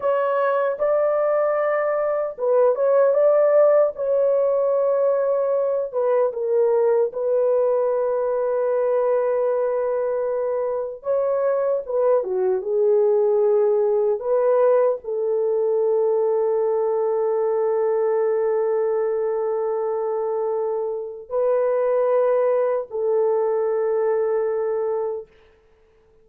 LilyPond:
\new Staff \with { instrumentName = "horn" } { \time 4/4 \tempo 4 = 76 cis''4 d''2 b'8 cis''8 | d''4 cis''2~ cis''8 b'8 | ais'4 b'2.~ | b'2 cis''4 b'8 fis'8 |
gis'2 b'4 a'4~ | a'1~ | a'2. b'4~ | b'4 a'2. | }